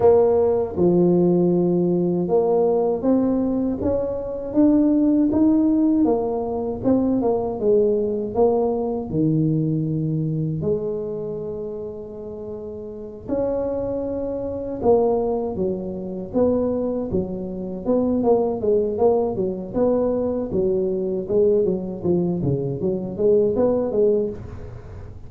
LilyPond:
\new Staff \with { instrumentName = "tuba" } { \time 4/4 \tempo 4 = 79 ais4 f2 ais4 | c'4 cis'4 d'4 dis'4 | ais4 c'8 ais8 gis4 ais4 | dis2 gis2~ |
gis4. cis'2 ais8~ | ais8 fis4 b4 fis4 b8 | ais8 gis8 ais8 fis8 b4 fis4 | gis8 fis8 f8 cis8 fis8 gis8 b8 gis8 | }